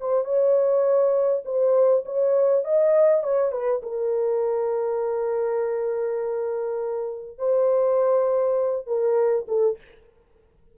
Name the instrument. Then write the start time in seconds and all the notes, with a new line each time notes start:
horn
0.00 C5
0.24 C#5
1.44 C5
2.05 C#5
2.64 D#5
3.23 C#5
3.52 B4
3.82 A#4
7.38 C5
8.86 A#4
9.48 A4